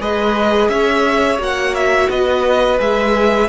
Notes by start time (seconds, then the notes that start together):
0.00 G#3 G#4 B4 D#5
0.69 C#4 C#5 E5
1.38 A#3 F#4 F#5
1.75 E5
2.09 B3 B4 D#5
2.78 G#3 G#4 E5